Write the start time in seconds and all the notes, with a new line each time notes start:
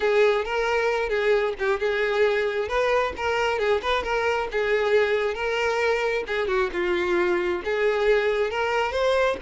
0.00 G#4
0.44 A#4
1.09 G#4
1.58 G4
1.79 G#4
2.68 B4
3.16 A#4
3.58 G#4
3.81 B4
4.03 A#4
4.51 G#4
5.34 A#4
6.27 G#4
6.47 F#4
6.72 F4
7.64 G#4
8.50 A#4
8.91 C5